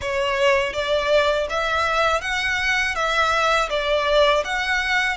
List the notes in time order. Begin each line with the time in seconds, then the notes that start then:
0.01 C#5
0.73 D5
1.49 E5
2.21 F#5
2.95 E5
3.69 D5
4.44 F#5